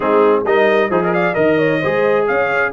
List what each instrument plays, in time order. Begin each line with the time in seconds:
0.00 tuba G#3, trombone C4, horn D#4, trumpet G#4
0.45 tuba G3, trombone D#4, horn A#4, trumpet D#5
0.89 tuba F3, trumpet D#4, trombone G#4, horn C5
1.02 trumpet A#4, horn D#5
1.13 horn D5, trumpet F5
1.34 tuba D#3, trombone A#4, trumpet D#5, horn D#5
1.58 horn C#5
1.80 tuba G#3, trombone G#4, horn C5
2.27 tuba C#4, horn C#5, trumpet F5